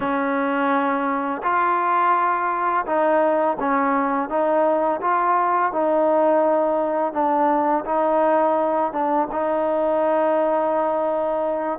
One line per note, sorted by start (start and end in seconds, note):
0.00 1.42 C#4
1.42 2.85 F4
2.86 3.57 D#4
3.59 4.29 C#4
4.29 5.00 D#4
5.01 5.72 F4
5.72 7.12 D#4
7.12 7.84 D4
7.85 8.92 D#4
8.92 9.28 D4
9.31 11.79 D#4